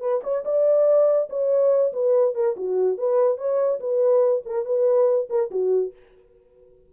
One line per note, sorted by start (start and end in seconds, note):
0.00 0.21 B4
0.23 0.44 C#5
0.45 1.29 D5
1.29 1.92 C#5
1.93 2.35 B4
2.35 2.56 A#4
2.56 2.97 F#4
2.97 3.38 B4
3.38 3.80 C#5
3.80 4.43 B4
4.46 4.65 A#4
4.65 5.28 B4
5.29 5.50 A#4
5.51 5.93 F#4